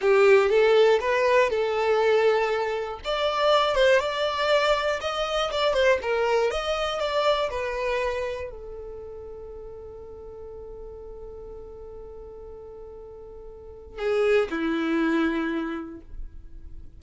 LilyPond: \new Staff \with { instrumentName = "violin" } { \time 4/4 \tempo 4 = 120 g'4 a'4 b'4 a'4~ | a'2 d''4. c''8 | d''2 dis''4 d''8 c''8 | ais'4 dis''4 d''4 b'4~ |
b'4 a'2.~ | a'1~ | a'1 | gis'4 e'2. | }